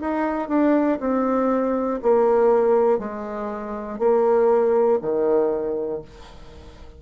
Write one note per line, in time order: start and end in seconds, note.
0.00 0.48 D#4
0.48 0.98 D4
1.00 2.00 C4
2.02 2.98 A#3
2.98 3.98 G#3
3.98 4.98 A#3
5.01 6.01 D#3